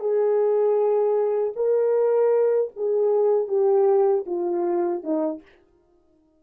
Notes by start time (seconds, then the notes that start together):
0.00 G#4
1.56 A#4
2.77 G#4
3.48 G4
4.27 F4
5.03 D#4